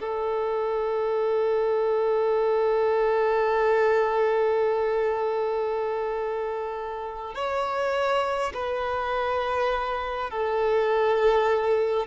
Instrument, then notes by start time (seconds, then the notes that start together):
violin
0.00 A4
7.35 C#5
8.54 B4
10.30 A4